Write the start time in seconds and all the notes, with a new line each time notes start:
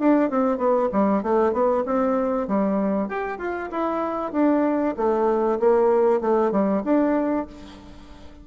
0.00 D4
0.30 C4
0.58 B3
0.93 G3
1.23 A3
1.53 B3
1.86 C4
2.48 G3
3.09 G4
3.39 F4
3.71 E4
4.33 D4
4.97 A3
5.60 A#3
6.21 A3
6.52 G3
6.85 D4